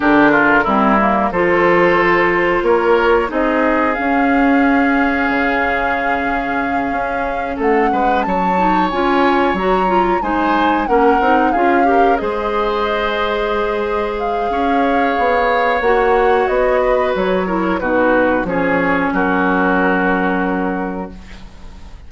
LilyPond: <<
  \new Staff \with { instrumentName = "flute" } { \time 4/4 \tempo 4 = 91 ais'2 c''2 | cis''4 dis''4 f''2~ | f''2.~ f''8 fis''8~ | fis''8 a''4 gis''4 ais''4 gis''8~ |
gis''8 fis''4 f''4 dis''4.~ | dis''4. f''2~ f''8 | fis''4 dis''4 cis''4 b'4 | cis''4 ais'2. | }
  \new Staff \with { instrumentName = "oboe" } { \time 4/4 g'8 f'8 e'4 a'2 | ais'4 gis'2.~ | gis'2.~ gis'8 a'8 | b'8 cis''2. c''8~ |
c''8 ais'4 gis'8 ais'8 c''4.~ | c''2 cis''2~ | cis''4. b'4 ais'8 fis'4 | gis'4 fis'2. | }
  \new Staff \with { instrumentName = "clarinet" } { \time 4/4 d'4 c'8 ais8 f'2~ | f'4 dis'4 cis'2~ | cis'1~ | cis'4 dis'8 f'4 fis'8 f'8 dis'8~ |
dis'8 cis'8 dis'8 f'8 g'8 gis'4.~ | gis'1 | fis'2~ fis'8 e'8 dis'4 | cis'1 | }
  \new Staff \with { instrumentName = "bassoon" } { \time 4/4 d4 g4 f2 | ais4 c'4 cis'2 | cis2~ cis8 cis'4 a8 | gis8 fis4 cis'4 fis4 gis8~ |
gis8 ais8 c'8 cis'4 gis4.~ | gis2 cis'4 b4 | ais4 b4 fis4 b,4 | f4 fis2. | }
>>